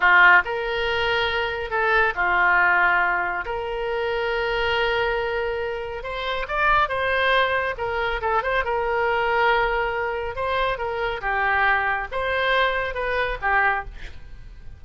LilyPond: \new Staff \with { instrumentName = "oboe" } { \time 4/4 \tempo 4 = 139 f'4 ais'2. | a'4 f'2. | ais'1~ | ais'2 c''4 d''4 |
c''2 ais'4 a'8 c''8 | ais'1 | c''4 ais'4 g'2 | c''2 b'4 g'4 | }